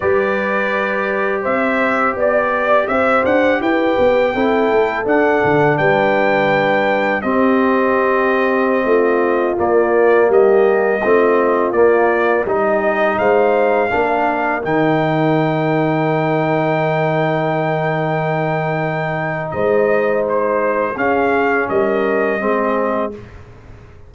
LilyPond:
<<
  \new Staff \with { instrumentName = "trumpet" } { \time 4/4 \tempo 4 = 83 d''2 e''4 d''4 | e''8 fis''8 g''2 fis''4 | g''2 dis''2~ | dis''4~ dis''16 d''4 dis''4.~ dis''16~ |
dis''16 d''4 dis''4 f''4.~ f''16~ | f''16 g''2.~ g''8.~ | g''2. dis''4 | c''4 f''4 dis''2 | }
  \new Staff \with { instrumentName = "horn" } { \time 4/4 b'2 c''4 d''4 | c''4 b'4 a'2 | b'2 g'2~ | g'16 f'2 g'4 f'8.~ |
f'4~ f'16 g'4 c''4 ais'8.~ | ais'1~ | ais'2. c''4~ | c''4 gis'4 ais'4 gis'4 | }
  \new Staff \with { instrumentName = "trombone" } { \time 4/4 g'1~ | g'2 e'4 d'4~ | d'2 c'2~ | c'4~ c'16 ais2 c'8.~ |
c'16 ais4 dis'2 d'8.~ | d'16 dis'2.~ dis'8.~ | dis'1~ | dis'4 cis'2 c'4 | }
  \new Staff \with { instrumentName = "tuba" } { \time 4/4 g2 c'4 b4 | c'8 d'8 e'8 b8 c'8 a8 d'8 d8 | g2 c'2~ | c'16 a4 ais4 g4 a8.~ |
a16 ais4 g4 gis4 ais8.~ | ais16 dis2.~ dis8.~ | dis2. gis4~ | gis4 cis'4 g4 gis4 | }
>>